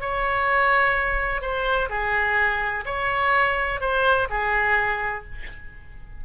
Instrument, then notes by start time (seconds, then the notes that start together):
oboe
0.00 C#5
1.41 C5
1.89 G#4
2.85 C#5
3.80 C5
4.29 G#4